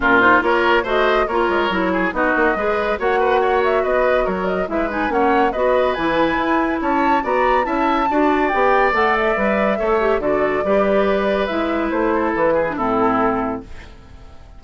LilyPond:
<<
  \new Staff \with { instrumentName = "flute" } { \time 4/4 \tempo 4 = 141 ais'8 c''8 cis''4 dis''4 cis''4~ | cis''4 dis''2 fis''4~ | fis''8 e''8 dis''4 cis''8 dis''8 e''8 gis''8 | fis''4 dis''4 gis''2 |
a''4 ais''4 a''2 | g''4 fis''8 e''2~ e''8 | d''2. e''4 | c''4 b'4 a'2 | }
  \new Staff \with { instrumentName = "oboe" } { \time 4/4 f'4 ais'4 c''4 ais'4~ | ais'8 gis'8 fis'4 b'4 cis''8 b'8 | cis''4 b'4 ais'4 b'4 | cis''4 b'2. |
cis''4 d''4 e''4 d''4~ | d''2. cis''4 | a'4 b'2.~ | b'8 a'4 gis'8 e'2 | }
  \new Staff \with { instrumentName = "clarinet" } { \time 4/4 cis'8 dis'8 f'4 fis'4 f'4 | e'4 dis'4 gis'4 fis'4~ | fis'2. e'8 dis'8 | cis'4 fis'4 e'2~ |
e'4 fis'4 e'4 fis'4 | g'4 a'4 b'4 a'8 g'8 | fis'4 g'2 e'4~ | e'4.~ e'16 d'16 c'2 | }
  \new Staff \with { instrumentName = "bassoon" } { \time 4/4 ais,4 ais4 a4 ais8 gis8 | fis4 b8 ais8 gis4 ais4~ | ais4 b4 fis4 gis4 | ais4 b4 e4 e'4 |
cis'4 b4 cis'4 d'4 | b4 a4 g4 a4 | d4 g2 gis4 | a4 e4 a,2 | }
>>